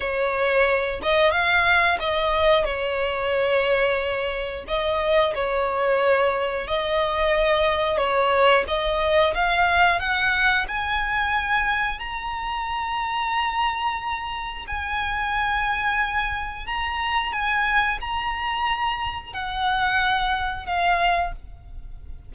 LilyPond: \new Staff \with { instrumentName = "violin" } { \time 4/4 \tempo 4 = 90 cis''4. dis''8 f''4 dis''4 | cis''2. dis''4 | cis''2 dis''2 | cis''4 dis''4 f''4 fis''4 |
gis''2 ais''2~ | ais''2 gis''2~ | gis''4 ais''4 gis''4 ais''4~ | ais''4 fis''2 f''4 | }